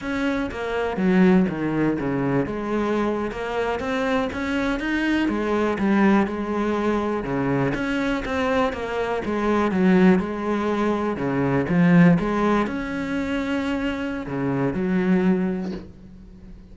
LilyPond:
\new Staff \with { instrumentName = "cello" } { \time 4/4 \tempo 4 = 122 cis'4 ais4 fis4 dis4 | cis4 gis4.~ gis16 ais4 c'16~ | c'8. cis'4 dis'4 gis4 g16~ | g8. gis2 cis4 cis'16~ |
cis'8. c'4 ais4 gis4 fis16~ | fis8. gis2 cis4 f16~ | f8. gis4 cis'2~ cis'16~ | cis'4 cis4 fis2 | }